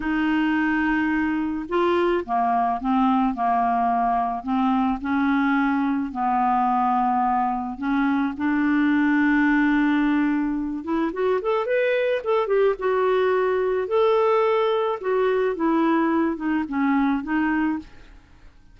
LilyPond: \new Staff \with { instrumentName = "clarinet" } { \time 4/4 \tempo 4 = 108 dis'2. f'4 | ais4 c'4 ais2 | c'4 cis'2 b4~ | b2 cis'4 d'4~ |
d'2.~ d'8 e'8 | fis'8 a'8 b'4 a'8 g'8 fis'4~ | fis'4 a'2 fis'4 | e'4. dis'8 cis'4 dis'4 | }